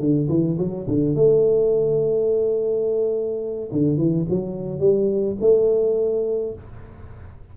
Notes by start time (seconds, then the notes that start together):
0.00 D3
0.29 E3
0.58 F#3
0.88 D3
1.15 A3
3.72 D3
3.98 E3
4.30 F#3
4.80 G3
5.41 A3